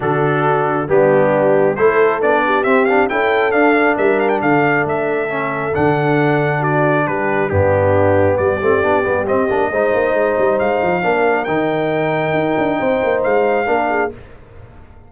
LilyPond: <<
  \new Staff \with { instrumentName = "trumpet" } { \time 4/4 \tempo 4 = 136 a'2 g'2 | c''4 d''4 e''8 f''8 g''4 | f''4 e''8 f''16 g''16 f''4 e''4~ | e''4 fis''2 d''4 |
b'4 g'2 d''4~ | d''4 dis''2. | f''2 g''2~ | g''2 f''2 | }
  \new Staff \with { instrumentName = "horn" } { \time 4/4 fis'2 d'2 | a'4. g'4. a'4~ | a'4 ais'4 a'2~ | a'2. fis'4 |
g'4 d'2 g'4~ | g'2 c''2~ | c''4 ais'2.~ | ais'4 c''2 ais'8 gis'8 | }
  \new Staff \with { instrumentName = "trombone" } { \time 4/4 d'2 b2 | e'4 d'4 c'8 d'8 e'4 | d'1 | cis'4 d'2.~ |
d'4 b2~ b8 c'8 | d'8 b8 c'8 d'8 dis'2~ | dis'4 d'4 dis'2~ | dis'2. d'4 | }
  \new Staff \with { instrumentName = "tuba" } { \time 4/4 d2 g2 | a4 b4 c'4 cis'4 | d'4 g4 d4 a4~ | a4 d2. |
g4 g,2 g8 a8 | b8 g8 c'8 ais8 gis8 ais8 gis8 g8 | gis8 f8 ais4 dis2 | dis'8 d'8 c'8 ais8 gis4 ais4 | }
>>